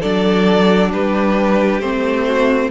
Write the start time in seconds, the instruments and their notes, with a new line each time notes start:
0.00 cello F#3, viola D4, violin A4 D5
0.93 cello G3, violin G4 B4
1.80 cello A3, viola C4, violin C5
2.27 violin F#4